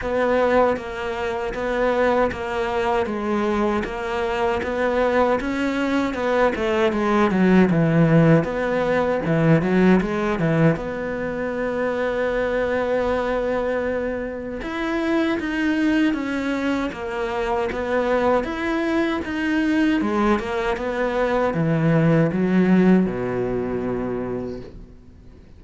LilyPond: \new Staff \with { instrumentName = "cello" } { \time 4/4 \tempo 4 = 78 b4 ais4 b4 ais4 | gis4 ais4 b4 cis'4 | b8 a8 gis8 fis8 e4 b4 | e8 fis8 gis8 e8 b2~ |
b2. e'4 | dis'4 cis'4 ais4 b4 | e'4 dis'4 gis8 ais8 b4 | e4 fis4 b,2 | }